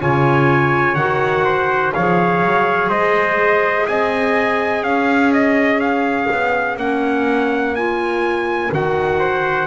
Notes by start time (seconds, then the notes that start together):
0.00 C#3 F4 C#5 G#5
0.95 D#3 F#4 F#5
1.44 C5
1.94 F3 G#4 C#5 F5
2.42 F#3
2.89 G#3 C5 D#5
3.86 C4 D#5 G#5
4.82 C#4 C#5 F5
5.32 D#5
5.80 F5
6.31 B3
6.76 A#3 C#4 F#5
7.75 F4 G#5
8.71 D#3 F#4 F#5
9.18 C5